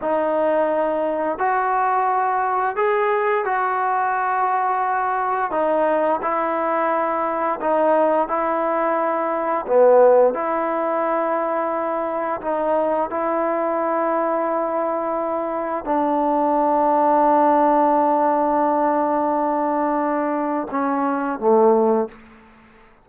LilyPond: \new Staff \with { instrumentName = "trombone" } { \time 4/4 \tempo 4 = 87 dis'2 fis'2 | gis'4 fis'2. | dis'4 e'2 dis'4 | e'2 b4 e'4~ |
e'2 dis'4 e'4~ | e'2. d'4~ | d'1~ | d'2 cis'4 a4 | }